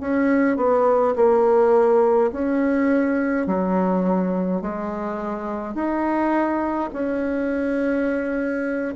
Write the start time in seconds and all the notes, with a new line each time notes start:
0.00 C#4
0.57 B3
1.15 A#3
2.32 C#4
3.46 F#3
4.62 G#3
5.74 D#4
6.93 C#4